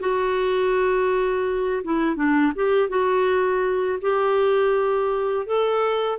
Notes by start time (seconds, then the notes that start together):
0.00 F#4
1.84 E4
2.16 D4
2.55 G4
2.89 F#4
4.01 G4
5.46 A4